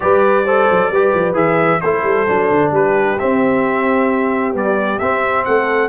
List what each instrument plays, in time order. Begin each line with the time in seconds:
0.00 tuba G3, trombone G4, horn B4, trumpet D5
0.45 trombone A4, horn C5
0.70 tuba F#3
0.90 tuba G3, trombone G4, horn B4
1.13 tuba F3
1.33 tuba E3, trombone G#4, trumpet E5
1.80 tuba A3, trombone E4, horn A4, trumpet C5
2.03 tuba G3
2.27 tuba F#3, trombone D4
2.50 tuba D3
2.71 tuba G3, horn G4, trumpet B4
3.19 trombone C4, tuba C4, trumpet E5
4.52 trombone G3, tuba B3, trumpet D5
4.99 tuba C4, trombone C4, trumpet E5
5.44 tuba A3, horn A4, trumpet F#5